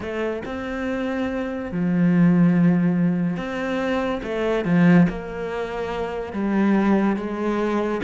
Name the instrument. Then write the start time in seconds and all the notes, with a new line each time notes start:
cello
0.00 A3
0.45 C4
1.71 F3
3.36 C4
4.23 A3
4.64 F3
5.09 A#3
6.32 G3
7.16 G#3